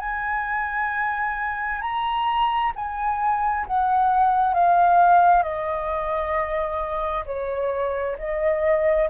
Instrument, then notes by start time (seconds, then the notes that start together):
flute
0.00 G#5
1.81 A#5
2.76 G#5
3.67 F#5
4.54 F5
5.43 D#5
7.26 C#5
8.19 D#5